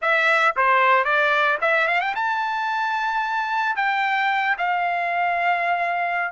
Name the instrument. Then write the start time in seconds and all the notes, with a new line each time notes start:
trumpet
0.01 E5
0.56 C5
1.04 D5
1.61 E5
1.87 F5
2.00 G5
2.15 A5
3.76 G5
4.58 F5